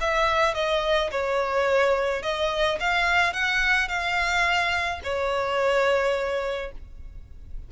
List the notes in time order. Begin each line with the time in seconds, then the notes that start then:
0.00 E5
0.54 D#5
1.11 C#5
2.22 D#5
2.80 F5
3.33 F#5
3.88 F5
5.03 C#5